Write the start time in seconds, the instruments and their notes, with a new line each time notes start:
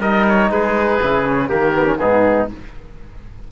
0.00 cello G3, trombone D#4, trumpet A#4, oboe D#5
0.28 oboe C#5
0.49 cello G#3, trumpet G#4, oboe B4
1.01 cello C#3, trombone E4
1.25 trombone C#4
1.48 cello D#3, trombone A#3, trumpet G4, oboe A#4
1.74 trombone B3
1.85 trombone C#4
1.98 cello G#2, trombone B3, trumpet D#4, oboe G#4